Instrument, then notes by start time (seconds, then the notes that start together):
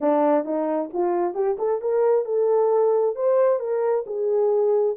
horn
0.00 D4
0.44 D#4
0.93 F4
1.34 G4
1.58 A4
1.81 A#4
2.25 A4
3.15 C5
3.59 A#4
4.06 G#4